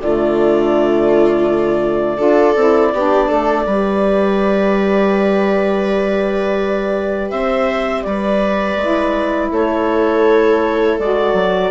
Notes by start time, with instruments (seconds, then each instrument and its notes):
0.00 bassoon D3, saxophone A3, viola F4, clarinet D5
2.17 bassoon D4, saxophone F4, viola A4
2.56 bassoon C4, saxophone E4
2.93 bassoon B3, saxophone D4, viola G4
3.28 bassoon A3, viola A4
3.66 bassoon G3, saxophone G4, viola B4
7.30 bassoon C4, viola C5, clarinet E5
8.03 bassoon G3, viola B4, clarinet D5
8.76 bassoon G#3, saxophone E4
9.52 bassoon A3, viola A4, clarinet C#5
10.99 bassoon G#3, saxophone F#4, clarinet D5
11.33 bassoon F#3